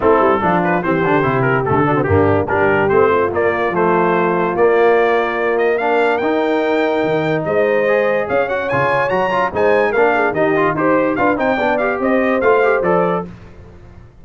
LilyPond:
<<
  \new Staff \with { instrumentName = "trumpet" } { \time 4/4 \tempo 4 = 145 a'4. b'8 c''4. ais'8 | a'4 g'4 ais'4 c''4 | d''4 c''2 d''4~ | d''4. dis''8 f''4 g''4~ |
g''2 dis''2 | f''8 fis''8 gis''4 ais''4 gis''4 | f''4 dis''4 c''4 f''8 g''8~ | g''8 f''8 dis''4 f''4 d''4 | }
  \new Staff \with { instrumentName = "horn" } { \time 4/4 e'4 f'4 g'2~ | g'8 fis'8 d'4 g'4. f'8~ | f'1~ | f'2 ais'2~ |
ais'2 c''2 | cis''2. c''4 | ais'8 gis'8 g'4 c''4 b'8 c''8 | d''4 c''2. | }
  \new Staff \with { instrumentName = "trombone" } { \time 4/4 c'4 d'4 c'8 d'8 e'4 | a8 d'16 c'16 ais4 d'4 c'4 | ais4 a2 ais4~ | ais2 d'4 dis'4~ |
dis'2. gis'4~ | gis'8 fis'8 f'4 fis'8 f'8 dis'4 | d'4 dis'8 f'8 g'4 f'8 dis'8 | d'8 g'4. f'8 g'8 a'4 | }
  \new Staff \with { instrumentName = "tuba" } { \time 4/4 a8 g8 f4 e8 d8 c4 | d4 g,4 g4 a4 | ais4 f2 ais4~ | ais2. dis'4~ |
dis'4 dis4 gis2 | cis'4 cis4 fis4 gis4 | ais4 dis4 dis'4 d'8 c'8 | b4 c'4 a4 f4 | }
>>